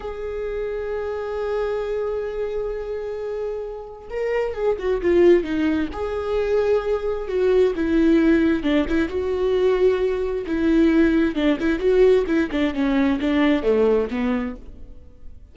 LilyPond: \new Staff \with { instrumentName = "viola" } { \time 4/4 \tempo 4 = 132 gis'1~ | gis'1~ | gis'4 ais'4 gis'8 fis'8 f'4 | dis'4 gis'2. |
fis'4 e'2 d'8 e'8 | fis'2. e'4~ | e'4 d'8 e'8 fis'4 e'8 d'8 | cis'4 d'4 a4 b4 | }